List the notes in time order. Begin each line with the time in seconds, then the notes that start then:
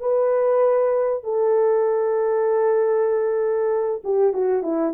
0.00 B4
1.24 A4
4.04 G4
4.33 F#4
4.63 E4